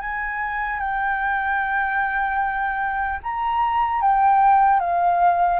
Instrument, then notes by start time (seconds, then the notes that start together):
flute
0.00 G#5
0.79 G5
3.23 A#5
4.01 G5
4.80 F5